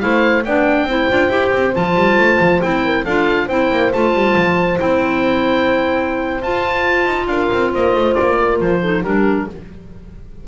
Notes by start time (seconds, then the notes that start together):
0.00 A3 E4 C5 F5
0.45 B3 D4 D5 G5
0.84 C4 E4 C5
1.11 D4 F4
1.29 E4 G4
1.53 C4
1.75 F3 F4 A5
1.96 G3
2.18 A3
2.41 F3
2.62 C4 E4 G5
2.85 A#4
3.04 D4 F4 A4 F5
3.46 C4 E4 C5 G5
3.71 A#3
3.93 A3 F4 A5
4.14 G3
4.36 F3
4.78 C4 E4 G5
6.42 F4 A5
7.06 D#4
7.28 D4 A#4 F5
7.53 C4
7.72 A#3 C5 D#5
7.95 A3
8.15 A#3 D5
8.38 A#4
8.61 F3 C5
8.82 D#4 A4
9.03 G3 D4 G4 A#4